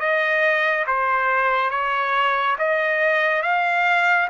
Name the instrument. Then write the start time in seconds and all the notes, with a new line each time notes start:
trumpet
0.00 D#5
0.87 C5
1.71 C#5
2.59 D#5
3.43 F5